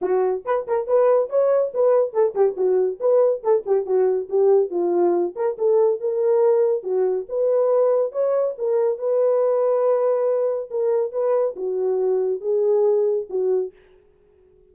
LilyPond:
\new Staff \with { instrumentName = "horn" } { \time 4/4 \tempo 4 = 140 fis'4 b'8 ais'8 b'4 cis''4 | b'4 a'8 g'8 fis'4 b'4 | a'8 g'8 fis'4 g'4 f'4~ | f'8 ais'8 a'4 ais'2 |
fis'4 b'2 cis''4 | ais'4 b'2.~ | b'4 ais'4 b'4 fis'4~ | fis'4 gis'2 fis'4 | }